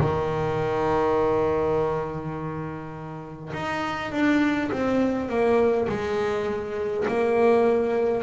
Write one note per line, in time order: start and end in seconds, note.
0.00 3.53 D#3
3.54 4.12 D#4
4.12 4.71 D4
4.72 5.29 C4
5.29 5.88 A#3
5.89 7.06 G#3
7.08 8.24 A#3